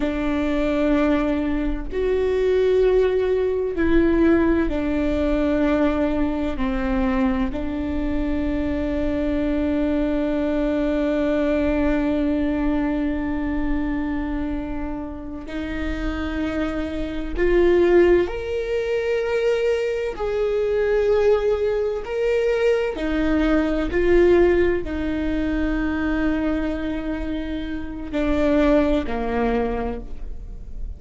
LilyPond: \new Staff \with { instrumentName = "viola" } { \time 4/4 \tempo 4 = 64 d'2 fis'2 | e'4 d'2 c'4 | d'1~ | d'1~ |
d'8 dis'2 f'4 ais'8~ | ais'4. gis'2 ais'8~ | ais'8 dis'4 f'4 dis'4.~ | dis'2 d'4 ais4 | }